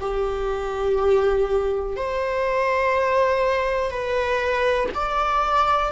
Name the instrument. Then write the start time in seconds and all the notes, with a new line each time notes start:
viola
0.00 G4
1.96 C5
3.91 B4
4.95 D5